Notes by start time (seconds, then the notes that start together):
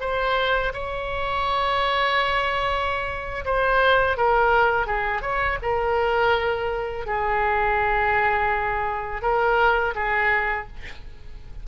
0.00 C5
0.73 C#5
3.45 C5
4.17 A#4
4.86 G#4
5.21 C#5
5.62 A#4
7.06 G#4
9.21 A#4
9.95 G#4